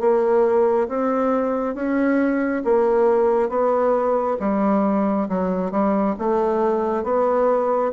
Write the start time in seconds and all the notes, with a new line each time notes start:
0.00 A#3
0.89 C4
1.75 C#4
2.65 A#3
3.49 B3
4.40 G3
5.29 F#3
5.71 G3
6.19 A3
7.04 B3